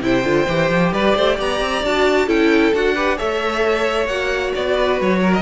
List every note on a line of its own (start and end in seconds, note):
0.00 0.23 C3
0.00 0.23 E4
0.00 0.93 C5
0.00 0.93 G5
0.23 0.46 D3
0.23 0.46 F4
0.47 0.69 E3
0.47 1.83 G4
0.69 0.92 F3
0.92 1.14 G3
0.92 1.15 B4
0.92 1.38 D5
1.15 1.38 A3
1.15 1.35 C5
1.35 1.60 B3
1.35 2.26 D5
1.35 1.84 A#5
1.60 1.83 C4
1.83 2.27 D4
1.83 2.27 F#4
1.83 2.29 A5
2.26 2.72 C#4
2.26 2.72 E4
2.26 2.94 A4
2.26 2.74 G5
2.73 3.18 D4
2.73 2.95 F#4
2.73 3.18 F#5
2.94 3.17 G4
2.94 3.17 B4
3.17 4.06 A3
3.17 4.07 A4
3.17 4.74 C#5
3.17 4.07 E5
4.06 4.51 A#3
4.06 5.42 F#4
4.06 4.52 F#5
4.55 5.00 B3
4.55 5.00 D5
4.74 5.19 B4
5.00 5.42 F#3
5.00 5.34 C#5
5.22 5.42 A#4
5.34 5.42 D#5